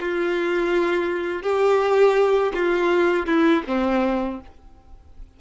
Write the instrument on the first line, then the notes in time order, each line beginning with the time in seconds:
violin
0.00 F4
1.43 G4
2.55 F4
3.27 E4
3.68 C4